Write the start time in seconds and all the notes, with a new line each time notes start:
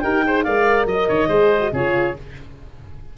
0.00 D#4 G4 A#4 G5
0.24 G#4 C5
0.43 G#3 A#4 D5 F5
0.86 F#3 D#5
1.09 D#3 C#5
1.28 G#3 G#4 C5
1.60 F#4
1.72 C#3 F4 G#4 C#5